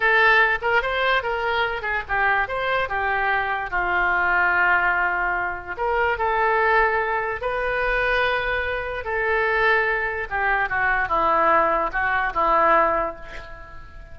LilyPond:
\new Staff \with { instrumentName = "oboe" } { \time 4/4 \tempo 4 = 146 a'4. ais'8 c''4 ais'4~ | ais'8 gis'8 g'4 c''4 g'4~ | g'4 f'2.~ | f'2 ais'4 a'4~ |
a'2 b'2~ | b'2 a'2~ | a'4 g'4 fis'4 e'4~ | e'4 fis'4 e'2 | }